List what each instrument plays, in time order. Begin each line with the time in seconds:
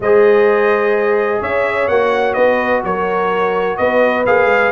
0.00 tuba G#3, trombone G#4, horn C5, trumpet D#5
1.40 tuba C#4, horn C#5, trumpet E5
1.88 tuba A#3, trombone F#4, trumpet F#5
2.33 tuba B3, horn B4, trumpet D#5
2.83 tuba F#3, horn A#4, trumpet C#5
3.77 tuba B3, horn B4, trumpet D#5
4.26 tuba A#3, trombone G#4, trumpet F5
4.45 tuba G#3